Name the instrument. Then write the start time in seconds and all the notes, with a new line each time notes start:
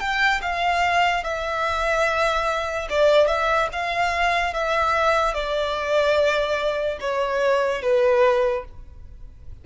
violin
0.00 G5
0.42 F5
1.24 E5
2.90 D5
3.28 E5
3.73 F5
4.54 E5
5.34 D5
7.01 C#5
7.83 B4